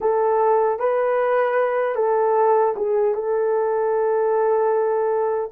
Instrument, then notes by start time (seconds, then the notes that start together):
horn
0.00 A4
0.79 B4
1.95 A4
2.76 G#4
3.14 A4